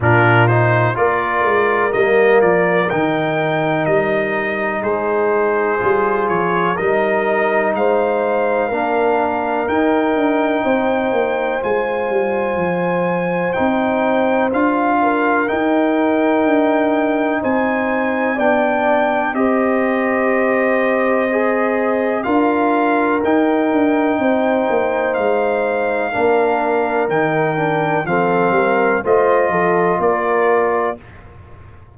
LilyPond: <<
  \new Staff \with { instrumentName = "trumpet" } { \time 4/4 \tempo 4 = 62 ais'8 c''8 d''4 dis''8 d''8 g''4 | dis''4 c''4. cis''8 dis''4 | f''2 g''2 | gis''2 g''4 f''4 |
g''2 gis''4 g''4 | dis''2. f''4 | g''2 f''2 | g''4 f''4 dis''4 d''4 | }
  \new Staff \with { instrumentName = "horn" } { \time 4/4 f'4 ais'2.~ | ais'4 gis'2 ais'4 | c''4 ais'2 c''4~ | c''2.~ c''8 ais'8~ |
ais'2 c''4 d''4 | c''2. ais'4~ | ais'4 c''2 ais'4~ | ais'4 a'8 ais'8 c''8 a'8 ais'4 | }
  \new Staff \with { instrumentName = "trombone" } { \time 4/4 d'8 dis'8 f'4 ais4 dis'4~ | dis'2 f'4 dis'4~ | dis'4 d'4 dis'2 | f'2 dis'4 f'4 |
dis'2. d'4 | g'2 gis'4 f'4 | dis'2. d'4 | dis'8 d'8 c'4 f'2 | }
  \new Staff \with { instrumentName = "tuba" } { \time 4/4 ais,4 ais8 gis8 g8 f8 dis4 | g4 gis4 g8 f8 g4 | gis4 ais4 dis'8 d'8 c'8 ais8 | gis8 g8 f4 c'4 d'4 |
dis'4 d'4 c'4 b4 | c'2. d'4 | dis'8 d'8 c'8 ais8 gis4 ais4 | dis4 f8 g8 a8 f8 ais4 | }
>>